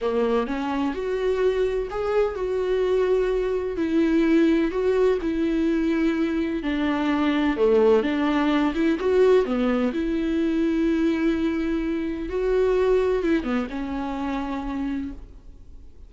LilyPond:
\new Staff \with { instrumentName = "viola" } { \time 4/4 \tempo 4 = 127 ais4 cis'4 fis'2 | gis'4 fis'2. | e'2 fis'4 e'4~ | e'2 d'2 |
a4 d'4. e'8 fis'4 | b4 e'2.~ | e'2 fis'2 | e'8 b8 cis'2. | }